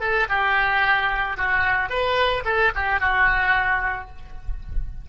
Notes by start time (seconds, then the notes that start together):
0.00 A4
0.29 G4
1.37 F#4
1.89 B4
2.45 A4
2.75 G4
3.00 F#4